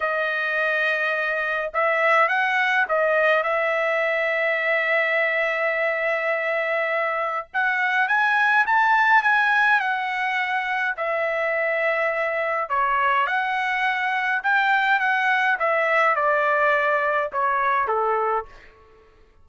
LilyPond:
\new Staff \with { instrumentName = "trumpet" } { \time 4/4 \tempo 4 = 104 dis''2. e''4 | fis''4 dis''4 e''2~ | e''1~ | e''4 fis''4 gis''4 a''4 |
gis''4 fis''2 e''4~ | e''2 cis''4 fis''4~ | fis''4 g''4 fis''4 e''4 | d''2 cis''4 a'4 | }